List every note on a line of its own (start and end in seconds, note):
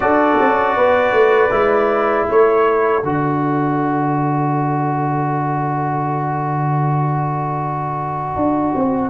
0.00 0.37 D4
0.00 1.50 F#4
0.00 0.76 A4
0.00 2.28 D5
0.40 0.76 C#4
0.76 1.12 B3
0.76 2.27 B4
1.12 1.50 A3
1.50 2.27 G#3
1.50 3.02 E4
2.27 3.03 A3
2.27 9.10 A4
2.27 3.05 C#5
3.03 8.35 D3
3.03 9.10 F#4
3.03 9.10 D5
8.35 8.73 D4
8.74 9.10 C4